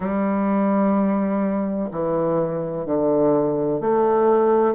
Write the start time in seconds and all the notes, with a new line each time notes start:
0.00 G3
1.91 E3
2.85 D3
3.80 A3